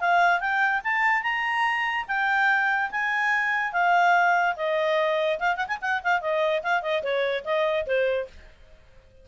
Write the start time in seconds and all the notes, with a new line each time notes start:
0.00 F5
0.40 G5
0.84 A5
1.22 A#5
2.08 G5
2.91 G#5
3.72 F5
4.56 D#5
5.39 F5
5.56 F#5
5.67 G#5
5.81 F#5
6.03 F5
6.21 D#5
6.63 F5
6.82 D#5
7.03 C#5
7.44 D#5
7.86 C5